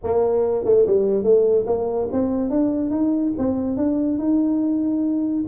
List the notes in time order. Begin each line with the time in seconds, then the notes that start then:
0.03 A#3
0.64 A3
0.86 G3
1.23 A3
1.66 A#3
2.12 C4
2.50 D4
2.90 D#4
3.37 C4
3.76 D4
4.18 D#4